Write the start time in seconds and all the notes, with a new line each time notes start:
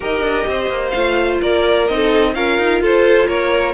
0.00 D#4 G4 A#4 D#5
0.21 D4
0.47 C4 C5
0.69 A#3
0.89 A3 F4 F5
1.41 A#3 A#4 D5
1.88 C4 D#4 D#5
1.96 A4
2.34 C#4 F4 A#4 F5
2.58 D#4
2.80 F4 A4 C5
3.27 A#3 A#4 C#5